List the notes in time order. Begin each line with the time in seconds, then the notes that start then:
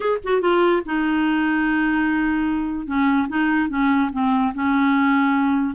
0.00 G#4
0.24 F#4
0.41 F4
0.85 D#4
2.86 C#4
3.28 D#4
3.69 C#4
4.12 C4
4.54 C#4